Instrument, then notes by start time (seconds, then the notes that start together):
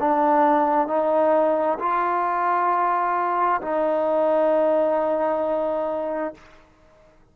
trombone
0.00 D4
0.88 D#4
1.79 F4
3.62 D#4